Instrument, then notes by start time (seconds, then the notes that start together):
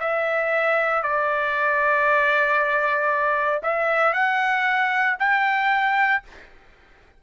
trumpet
0.00 E5
1.03 D5
3.63 E5
4.13 F#5
5.19 G5